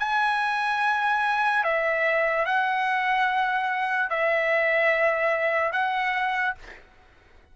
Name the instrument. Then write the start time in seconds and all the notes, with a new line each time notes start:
trumpet
0.00 G#5
1.64 E5
2.46 F#5
4.10 E5
5.73 F#5